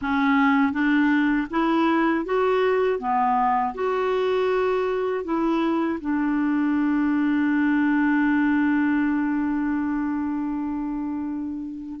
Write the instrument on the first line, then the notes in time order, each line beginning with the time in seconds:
clarinet
0.01 C#4
0.72 D4
1.50 E4
2.25 F#4
2.99 B3
3.74 F#4
5.24 E4
6.00 D4